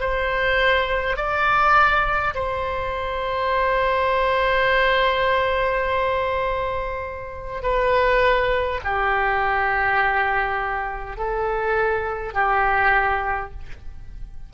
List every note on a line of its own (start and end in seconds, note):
0.00 1.17 C5
1.17 2.34 D5
2.34 7.63 C5
7.63 8.80 B4
8.84 11.17 G4
11.17 12.34 A4
12.34 13.51 G4